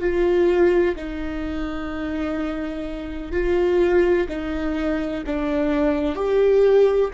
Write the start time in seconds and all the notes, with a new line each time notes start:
0.00 F4
0.96 D#4
3.32 F4
4.29 D#4
5.26 D4
6.15 G4